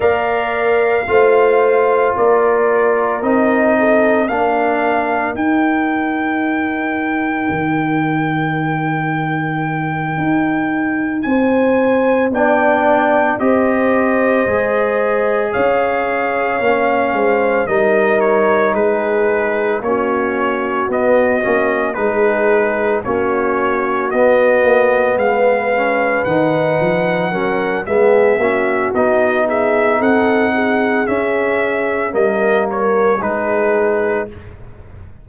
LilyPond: <<
  \new Staff \with { instrumentName = "trumpet" } { \time 4/4 \tempo 4 = 56 f''2 d''4 dis''4 | f''4 g''2.~ | g''2~ g''8 gis''4 g''8~ | g''8 dis''2 f''4.~ |
f''8 dis''8 cis''8 b'4 cis''4 dis''8~ | dis''8 b'4 cis''4 dis''4 f''8~ | f''8 fis''4. e''4 dis''8 e''8 | fis''4 e''4 dis''8 cis''8 b'4 | }
  \new Staff \with { instrumentName = "horn" } { \time 4/4 d''4 c''4 ais'4. a'8 | ais'1~ | ais'2~ ais'8 c''4 d''8~ | d''8 c''2 cis''4. |
c''8 ais'4 gis'4 fis'4.~ | fis'8 gis'4 fis'2 b'8~ | b'4. ais'8 gis'8 fis'4 gis'8 | a'8 gis'4. ais'4 gis'4 | }
  \new Staff \with { instrumentName = "trombone" } { \time 4/4 ais'4 f'2 dis'4 | d'4 dis'2.~ | dis'2.~ dis'8 d'8~ | d'8 g'4 gis'2 cis'8~ |
cis'8 dis'2 cis'4 b8 | cis'8 dis'4 cis'4 b4. | cis'8 dis'4 cis'8 b8 cis'8 dis'4~ | dis'4 cis'4 ais4 dis'4 | }
  \new Staff \with { instrumentName = "tuba" } { \time 4/4 ais4 a4 ais4 c'4 | ais4 dis'2 dis4~ | dis4. dis'4 c'4 b8~ | b8 c'4 gis4 cis'4 ais8 |
gis8 g4 gis4 ais4 b8 | ais8 gis4 ais4 b8 ais8 gis8~ | gis8 dis8 f8 fis8 gis8 ais8 b4 | c'4 cis'4 g4 gis4 | }
>>